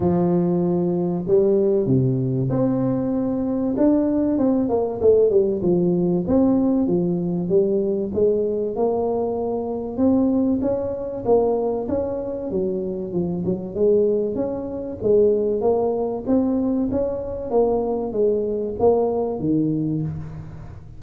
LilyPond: \new Staff \with { instrumentName = "tuba" } { \time 4/4 \tempo 4 = 96 f2 g4 c4 | c'2 d'4 c'8 ais8 | a8 g8 f4 c'4 f4 | g4 gis4 ais2 |
c'4 cis'4 ais4 cis'4 | fis4 f8 fis8 gis4 cis'4 | gis4 ais4 c'4 cis'4 | ais4 gis4 ais4 dis4 | }